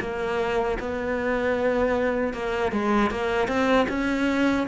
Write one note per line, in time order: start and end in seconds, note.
0.00 0.78 A#3
0.79 2.33 B3
2.33 2.71 A#3
2.71 3.10 G#3
3.10 3.47 A#3
3.47 3.86 C4
3.88 4.66 C#4